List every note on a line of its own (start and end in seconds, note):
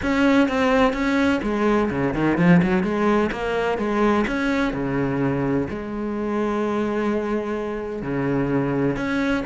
0.02 0.48 C#4
0.48 0.93 C4
0.93 1.40 C#4
1.42 1.90 G#3
1.90 2.13 C#3
2.13 2.37 D#3
2.37 2.61 F3
2.62 2.83 F#3
2.83 3.30 G#3
3.31 3.78 A#3
3.78 4.25 G#3
4.27 4.73 C#4
4.73 5.67 C#3
5.69 8.02 G#3
8.02 8.96 C#3
8.96 9.43 C#4